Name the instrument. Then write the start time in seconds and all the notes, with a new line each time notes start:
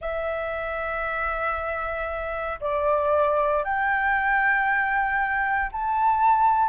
flute
0.01 E5
2.60 D5
3.63 G5
5.72 A5